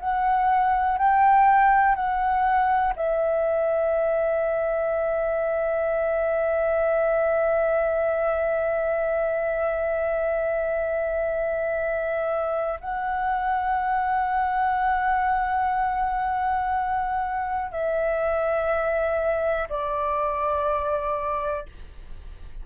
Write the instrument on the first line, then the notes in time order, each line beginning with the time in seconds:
flute
0.00 F#5
0.99 G5
1.96 F#5
2.96 E5
12.81 F#5
17.72 E5
19.70 D5